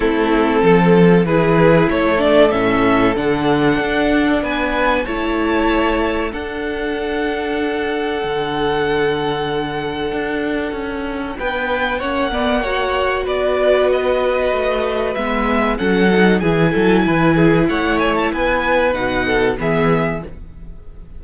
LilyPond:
<<
  \new Staff \with { instrumentName = "violin" } { \time 4/4 \tempo 4 = 95 a'2 b'4 cis''8 d''8 | e''4 fis''2 gis''4 | a''2 fis''2~ | fis''1~ |
fis''2 g''4 fis''4~ | fis''4 d''4 dis''2 | e''4 fis''4 gis''2 | fis''8 gis''16 a''16 gis''4 fis''4 e''4 | }
  \new Staff \with { instrumentName = "violin" } { \time 4/4 e'4 a'4 gis'4 a'4~ | a'2. b'4 | cis''2 a'2~ | a'1~ |
a'2 b'4 cis''8 d''8 | cis''4 b'2.~ | b'4 a'4 gis'8 a'8 b'8 gis'8 | cis''4 b'4. a'8 gis'4 | }
  \new Staff \with { instrumentName = "viola" } { \time 4/4 c'2 e'4. d'8 | cis'4 d'2. | e'2 d'2~ | d'1~ |
d'2. cis'8 b8 | fis'1 | b4 cis'8 dis'8 e'2~ | e'2 dis'4 b4 | }
  \new Staff \with { instrumentName = "cello" } { \time 4/4 a4 f4 e4 a4 | a,4 d4 d'4 b4 | a2 d'2~ | d'4 d2. |
d'4 cis'4 b4 ais4~ | ais4 b2 a4 | gis4 fis4 e8 fis8 e4 | a4 b4 b,4 e4 | }
>>